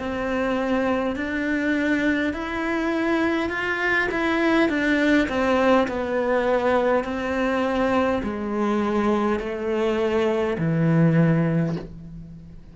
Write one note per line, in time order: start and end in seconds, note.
0.00 1.16 C4
1.16 2.34 D4
2.34 3.50 E4
3.50 4.09 F4
4.12 4.69 E4
4.69 5.28 D4
5.29 5.88 C4
5.88 7.04 B3
7.04 8.22 C4
8.23 9.40 G#3
9.40 10.57 A3
10.58 11.76 E3